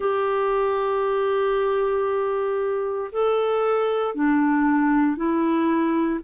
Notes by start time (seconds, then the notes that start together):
0.00 G4
3.11 A4
4.14 D4
5.16 E4